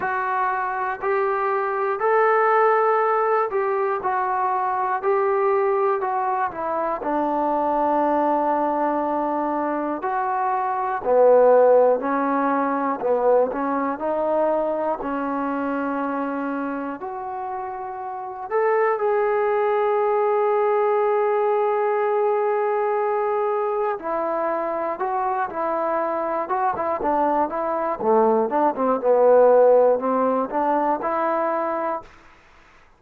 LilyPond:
\new Staff \with { instrumentName = "trombone" } { \time 4/4 \tempo 4 = 60 fis'4 g'4 a'4. g'8 | fis'4 g'4 fis'8 e'8 d'4~ | d'2 fis'4 b4 | cis'4 b8 cis'8 dis'4 cis'4~ |
cis'4 fis'4. a'8 gis'4~ | gis'1 | e'4 fis'8 e'4 fis'16 e'16 d'8 e'8 | a8 d'16 c'16 b4 c'8 d'8 e'4 | }